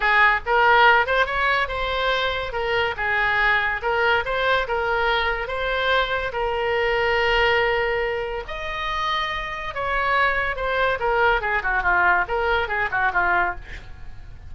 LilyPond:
\new Staff \with { instrumentName = "oboe" } { \time 4/4 \tempo 4 = 142 gis'4 ais'4. c''8 cis''4 | c''2 ais'4 gis'4~ | gis'4 ais'4 c''4 ais'4~ | ais'4 c''2 ais'4~ |
ais'1 | dis''2. cis''4~ | cis''4 c''4 ais'4 gis'8 fis'8 | f'4 ais'4 gis'8 fis'8 f'4 | }